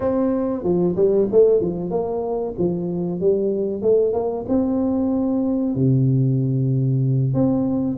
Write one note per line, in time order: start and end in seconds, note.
0.00 0.63 C4
0.63 0.95 F3
0.96 1.28 G3
1.31 1.60 A3
1.60 1.90 F3
1.90 2.54 A#3
2.58 3.20 F3
3.20 3.82 G3
3.82 4.13 A3
4.13 4.45 A#3
4.48 5.75 C4
5.75 7.33 C3
7.33 7.97 C4